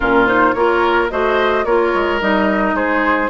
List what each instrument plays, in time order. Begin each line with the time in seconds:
0.00 bassoon A#2, clarinet C#4, oboe F4, flute A#4
0.26 clarinet D#4, flute C5
0.53 bassoon A#3, clarinet F4, oboe A#4, flute C#5
1.10 bassoon A3, clarinet F#4, oboe C5, flute D#5
1.64 bassoon A#3, clarinet F4, oboe A#4, flute C#5
1.94 bassoon G#3
2.20 bassoon G3, clarinet D#4, flute D#5
2.73 bassoon G#3, oboe G#4, flute C5